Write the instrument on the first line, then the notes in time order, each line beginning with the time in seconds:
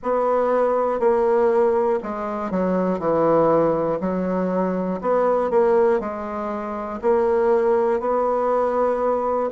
bassoon
0.03 B3
1.00 A#3
2.03 G#3
2.50 F#3
2.99 E3
4.00 F#3
5.01 B3
5.50 A#3
6.00 G#3
7.01 A#3
8.00 B3